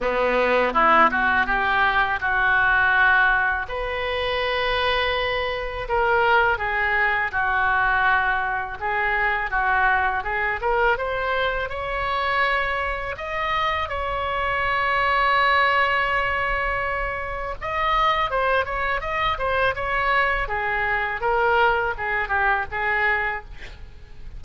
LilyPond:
\new Staff \with { instrumentName = "oboe" } { \time 4/4 \tempo 4 = 82 b4 e'8 fis'8 g'4 fis'4~ | fis'4 b'2. | ais'4 gis'4 fis'2 | gis'4 fis'4 gis'8 ais'8 c''4 |
cis''2 dis''4 cis''4~ | cis''1 | dis''4 c''8 cis''8 dis''8 c''8 cis''4 | gis'4 ais'4 gis'8 g'8 gis'4 | }